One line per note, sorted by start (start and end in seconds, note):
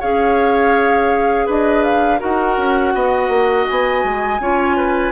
0.00 1.48 C#4
0.00 2.19 G#4
0.00 1.46 C#5
0.00 1.48 F5
1.46 2.21 D4
1.46 2.20 B4
1.46 1.84 D#5
1.84 2.20 F5
2.19 2.57 D#4
2.19 4.39 F#4
2.19 2.93 A#4
2.19 3.68 F#5
2.57 2.94 C#4
2.94 3.29 B3
2.94 4.41 D#5
3.29 3.65 A#3
3.68 4.04 B3
3.68 5.12 G#5
4.04 4.39 G#3
4.39 5.12 C#4
4.39 5.12 F4
4.39 4.77 C#5
4.77 5.12 B4